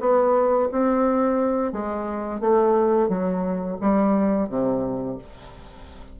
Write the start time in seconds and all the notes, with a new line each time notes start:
0.00 B3
0.71 C4
1.72 G#3
2.40 A3
3.08 F#3
3.81 G3
4.49 C3